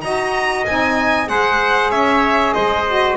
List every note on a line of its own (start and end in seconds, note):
0.00 0.65 D#4
0.00 0.66 F#4
0.00 1.29 D#5
0.00 0.63 A#5
0.66 1.29 C4
0.66 1.26 D#4
0.66 1.28 G#5
1.26 1.91 G#3
1.26 2.84 G#4
1.26 1.90 C5
1.26 1.91 F#5
1.90 2.54 C#4
1.90 2.53 C#5
1.90 2.53 E5
2.53 3.16 G#3
2.53 3.16 C5
2.53 3.16 D#5
2.87 3.16 F#4